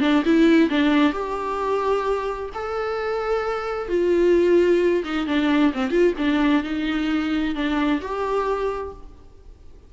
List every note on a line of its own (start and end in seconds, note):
0.00 0.23 D4
0.25 0.69 E4
0.69 1.12 D4
1.12 2.49 G4
2.54 3.88 A4
3.88 5.03 F4
5.04 5.26 D#4
5.26 5.72 D4
5.73 5.90 C4
5.90 6.13 F4
6.17 6.63 D4
6.63 7.54 D#4
7.54 8.00 D4
8.01 8.93 G4